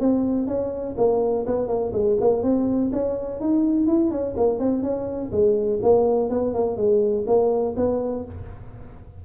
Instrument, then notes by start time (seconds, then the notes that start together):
tuba
0.00 C4
0.47 C#4
0.97 A#3
1.46 B3
1.68 A#3
1.93 G#3
2.20 A#3
2.43 C4
2.93 C#4
3.40 D#4
3.87 E4
4.11 C#4
4.37 A#3
4.59 C4
4.83 C#4
5.31 G#3
5.82 A#3
6.30 B3
6.54 A#3
6.77 G#3
7.27 A#3
7.77 B3